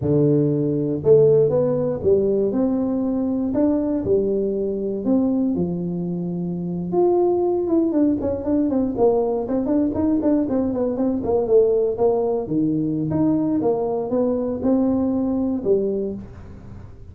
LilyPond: \new Staff \with { instrumentName = "tuba" } { \time 4/4 \tempo 4 = 119 d2 a4 b4 | g4 c'2 d'4 | g2 c'4 f4~ | f4.~ f16 f'4. e'8 d'16~ |
d'16 cis'8 d'8 c'8 ais4 c'8 d'8 dis'16~ | dis'16 d'8 c'8 b8 c'8 ais8 a4 ais16~ | ais8. dis4~ dis16 dis'4 ais4 | b4 c'2 g4 | }